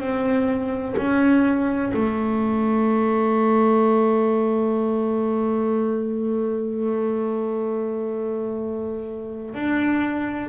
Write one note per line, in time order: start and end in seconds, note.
0.00 0.95 C4
0.97 1.93 C#4
1.94 9.54 A3
9.54 10.49 D4